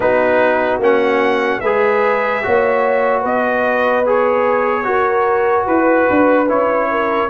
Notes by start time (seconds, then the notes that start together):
0.00 B3 D#4 F#4 B4
0.78 A#3 C#4 F#5
1.60 G#3 G#4 B4 E5
2.42 A#3 F#4 C#5
3.20 B3 B4 D#5
4.06 G#4 C#5
4.83 F#4 A#4
5.65 E4 B4
6.10 D4
6.48 C#4 E4 C#5
6.90 A#4